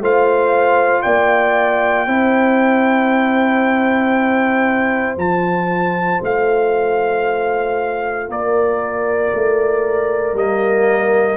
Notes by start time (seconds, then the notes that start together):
0.00 A3 F4 C5 F5
1.02 A#3 D5 G5
2.07 C4 E4 C5
5.17 F3 F4 A5
6.22 A3 F5
8.29 A#3 A#4 D5
9.35 A3
10.33 G3 A#3 D#5